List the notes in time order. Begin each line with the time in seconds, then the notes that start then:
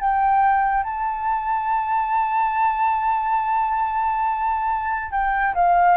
0.00 G5
0.84 A5
5.11 G5
5.54 F5